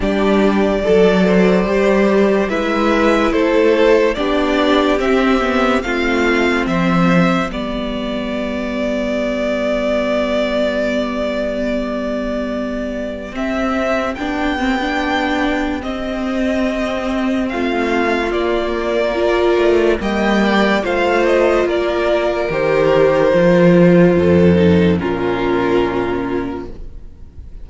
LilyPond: <<
  \new Staff \with { instrumentName = "violin" } { \time 4/4 \tempo 4 = 72 d''2. e''4 | c''4 d''4 e''4 f''4 | e''4 d''2.~ | d''1 |
e''4 g''2 dis''4~ | dis''4 f''4 d''2 | g''4 f''8 dis''8 d''4 c''4~ | c''2 ais'2 | }
  \new Staff \with { instrumentName = "violin" } { \time 4/4 g'4 a'8 c''4. b'4 | a'4 g'2 f'4 | c''4 g'2.~ | g'1~ |
g'1~ | g'4 f'2 ais'4 | dis''8 d''8 c''4 ais'2~ | ais'4 a'4 f'2 | }
  \new Staff \with { instrumentName = "viola" } { \time 4/4 d'4 a'4 g'4 e'4~ | e'4 d'4 c'8 b8 c'4~ | c'4 b2.~ | b1 |
c'4 d'8 c'16 d'4~ d'16 c'4~ | c'2 ais4 f'4 | ais4 f'2 g'4 | f'4. dis'8 cis'2 | }
  \new Staff \with { instrumentName = "cello" } { \time 4/4 g4 fis4 g4 gis4 | a4 b4 c'4 a4 | f4 g2.~ | g1 |
c'4 b2 c'4~ | c'4 a4 ais4. a8 | g4 a4 ais4 dis4 | f4 f,4 ais,2 | }
>>